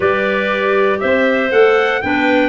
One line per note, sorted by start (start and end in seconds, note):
0.00 0.99 G3
0.00 1.50 G4
0.00 0.99 B4
0.00 1.00 D5
1.00 1.52 C4
1.00 2.02 C5
1.00 1.50 E5
1.51 2.02 A3
1.51 2.01 A4
1.51 2.02 F#5
2.02 2.49 B3
2.02 2.49 D4
2.02 2.49 B4
2.02 2.49 G5